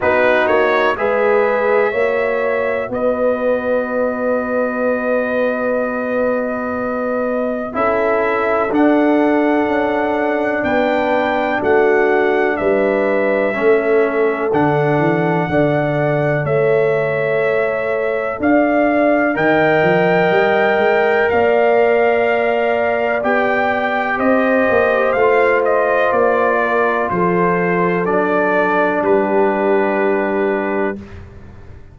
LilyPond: <<
  \new Staff \with { instrumentName = "trumpet" } { \time 4/4 \tempo 4 = 62 b'8 cis''8 e''2 dis''4~ | dis''1 | e''4 fis''2 g''4 | fis''4 e''2 fis''4~ |
fis''4 e''2 f''4 | g''2 f''2 | g''4 dis''4 f''8 dis''8 d''4 | c''4 d''4 b'2 | }
  \new Staff \with { instrumentName = "horn" } { \time 4/4 fis'4 b'4 cis''4 b'4~ | b'1 | a'2. b'4 | fis'4 b'4 a'2 |
d''4 cis''2 d''4 | dis''2 d''2~ | d''4 c''2~ c''8 ais'8 | a'2 g'2 | }
  \new Staff \with { instrumentName = "trombone" } { \time 4/4 dis'4 gis'4 fis'2~ | fis'1 | e'4 d'2.~ | d'2 cis'4 d'4 |
a'1 | ais'1 | g'2 f'2~ | f'4 d'2. | }
  \new Staff \with { instrumentName = "tuba" } { \time 4/4 b8 ais8 gis4 ais4 b4~ | b1 | cis'4 d'4 cis'4 b4 | a4 g4 a4 d8 e8 |
d4 a2 d'4 | dis8 f8 g8 gis8 ais2 | b4 c'8 ais8 a4 ais4 | f4 fis4 g2 | }
>>